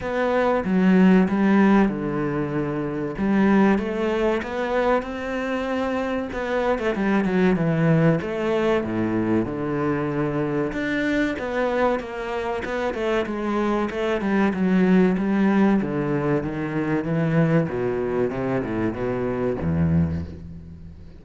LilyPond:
\new Staff \with { instrumentName = "cello" } { \time 4/4 \tempo 4 = 95 b4 fis4 g4 d4~ | d4 g4 a4 b4 | c'2 b8. a16 g8 fis8 | e4 a4 a,4 d4~ |
d4 d'4 b4 ais4 | b8 a8 gis4 a8 g8 fis4 | g4 d4 dis4 e4 | b,4 c8 a,8 b,4 e,4 | }